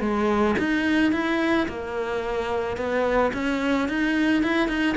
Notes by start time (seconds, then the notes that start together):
0.00 G#3
0.58 D#4
1.12 E4
1.68 A#3
2.76 B3
3.33 C#4
3.88 D#4
4.43 E4
4.68 D#4